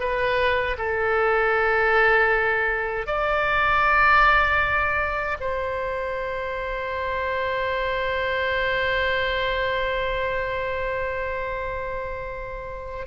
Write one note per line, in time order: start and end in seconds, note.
0.00 0.77 B4
0.78 3.07 A4
3.07 5.38 D5
5.41 13.07 C5